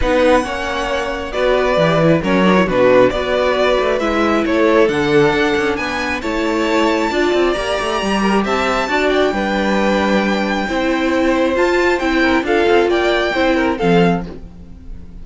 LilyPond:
<<
  \new Staff \with { instrumentName = "violin" } { \time 4/4 \tempo 4 = 135 fis''2. d''4~ | d''4 cis''4 b'4 d''4~ | d''4 e''4 cis''4 fis''4~ | fis''4 gis''4 a''2~ |
a''4 ais''2 a''4~ | a''8 g''2.~ g''8~ | g''2 a''4 g''4 | f''4 g''2 f''4 | }
  \new Staff \with { instrumentName = "violin" } { \time 4/4 b'4 cis''2 b'4~ | b'4 ais'4 fis'4 b'4~ | b'2 a'2~ | a'4 b'4 cis''2 |
d''2~ d''8 ais'8 e''4 | d''4 b'2. | c''2.~ c''8 ais'8 | a'4 d''4 c''8 ais'8 a'4 | }
  \new Staff \with { instrumentName = "viola" } { \time 4/4 dis'4 cis'2 fis'4 | g'8 e'8 cis'8 d'16 e'16 d'4 fis'4~ | fis'4 e'2 d'4~ | d'2 e'2 |
f'4 g'2. | fis'4 d'2. | e'2 f'4 e'4 | f'2 e'4 c'4 | }
  \new Staff \with { instrumentName = "cello" } { \time 4/4 b4 ais2 b4 | e4 fis4 b,4 b4~ | b8 a8 gis4 a4 d4 | d'8 cis'8 b4 a2 |
d'8 c'8 ais8 a8 g4 c'4 | d'4 g2. | c'2 f'4 c'4 | d'8 c'8 ais4 c'4 f4 | }
>>